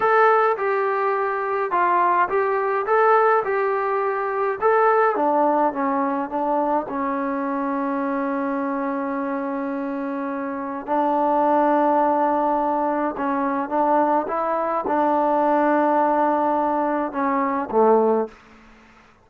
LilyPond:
\new Staff \with { instrumentName = "trombone" } { \time 4/4 \tempo 4 = 105 a'4 g'2 f'4 | g'4 a'4 g'2 | a'4 d'4 cis'4 d'4 | cis'1~ |
cis'2. d'4~ | d'2. cis'4 | d'4 e'4 d'2~ | d'2 cis'4 a4 | }